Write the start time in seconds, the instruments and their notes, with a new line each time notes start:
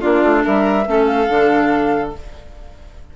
0.00 bassoon A#3, clarinet D4, violin F4, flute D5
0.23 bassoon A3
0.43 bassoon G3, violin A#4, flute E5
0.85 bassoon A3, clarinet C#4, violin A4
1.05 flute F5
1.28 bassoon D3, clarinet D4